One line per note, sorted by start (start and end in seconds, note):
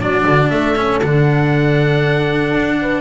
0.00 0.25 F#3
0.00 0.76 D4
0.00 0.51 F#4
0.00 0.49 D5
0.26 0.51 D3
0.49 1.01 A3
0.49 2.78 A4
0.49 1.00 E5
0.76 1.01 C#4
1.01 2.53 D3
1.01 3.01 D4
1.01 3.01 F#5
2.53 3.01 D4
2.81 3.01 B4